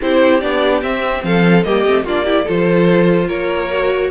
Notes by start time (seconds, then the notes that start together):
0.01 C4 E4 G4 C5
0.40 B3 D4 D5
0.82 C4 E5
1.23 F3 A4 F5
1.63 G3 A#3 G4 D#5
1.85 A3 C4
2.04 A#3 D4 F4 D5
2.24 E4 G4
2.44 F3 F4 A4 C5
3.27 A#3 A#4 C#5
3.71 F#4